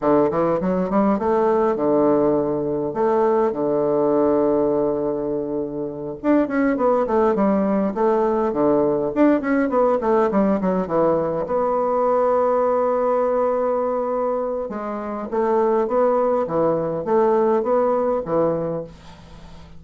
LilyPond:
\new Staff \with { instrumentName = "bassoon" } { \time 4/4 \tempo 4 = 102 d8 e8 fis8 g8 a4 d4~ | d4 a4 d2~ | d2~ d8 d'8 cis'8 b8 | a8 g4 a4 d4 d'8 |
cis'8 b8 a8 g8 fis8 e4 b8~ | b1~ | b4 gis4 a4 b4 | e4 a4 b4 e4 | }